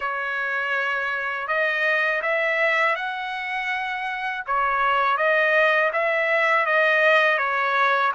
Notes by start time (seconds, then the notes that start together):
0.00 C#5
1.47 D#5
2.22 E5
2.95 F#5
4.46 C#5
5.17 D#5
5.92 E5
6.66 D#5
7.37 C#5